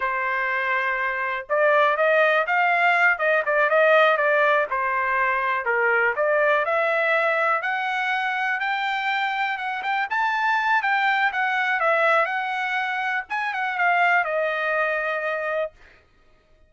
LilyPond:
\new Staff \with { instrumentName = "trumpet" } { \time 4/4 \tempo 4 = 122 c''2. d''4 | dis''4 f''4. dis''8 d''8 dis''8~ | dis''8 d''4 c''2 ais'8~ | ais'8 d''4 e''2 fis''8~ |
fis''4. g''2 fis''8 | g''8 a''4. g''4 fis''4 | e''4 fis''2 gis''8 fis''8 | f''4 dis''2. | }